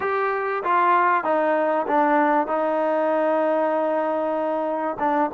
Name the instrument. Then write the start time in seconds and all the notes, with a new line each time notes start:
trombone
0.00 G4
0.63 F4
1.24 D#4
1.87 D4
2.47 D#4
4.99 D4